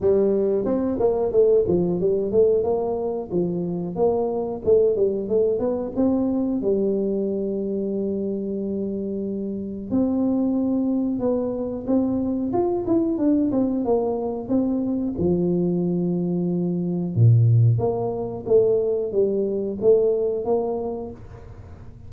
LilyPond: \new Staff \with { instrumentName = "tuba" } { \time 4/4 \tempo 4 = 91 g4 c'8 ais8 a8 f8 g8 a8 | ais4 f4 ais4 a8 g8 | a8 b8 c'4 g2~ | g2. c'4~ |
c'4 b4 c'4 f'8 e'8 | d'8 c'8 ais4 c'4 f4~ | f2 ais,4 ais4 | a4 g4 a4 ais4 | }